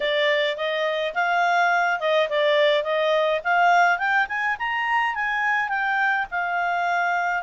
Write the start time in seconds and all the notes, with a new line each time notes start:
0.00 D5
0.56 D#5
1.14 F5
1.99 D#5
2.29 D5
2.83 D#5
3.43 F5
3.98 G5
4.28 G#5
4.58 A#5
5.15 G#5
5.69 G5
6.30 F5